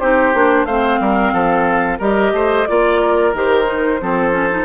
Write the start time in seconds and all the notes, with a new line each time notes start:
0.00 C4 D#4 G4 C5
0.34 A#3 D4
0.65 A3 C4 C5 F5
1.01 G3 A#4
1.33 F3 A4
1.99 G3 G4 A#4 D#5
2.33 A3 C5
2.67 A#3 F4 D5
3.01 A#4
3.34 D#3 G4 C5
3.66 D#4
4.01 F3 C4 A4
4.32 C#4
4.51 D#4